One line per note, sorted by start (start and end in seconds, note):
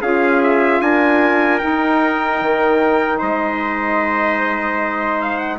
0.00 0.80 C#4
0.00 1.59 F4
0.00 0.81 G#4
0.00 0.41 F5
0.43 0.81 E5
0.80 1.60 D4
0.80 3.18 A#4
0.80 1.58 G#5
1.58 5.58 D#4
1.58 3.18 G5
1.64 2.41 D#4
2.41 3.21 D#3
3.18 5.59 G#3
3.18 5.58 C5
3.18 5.21 D#5
5.21 5.37 F5
5.37 5.57 F#5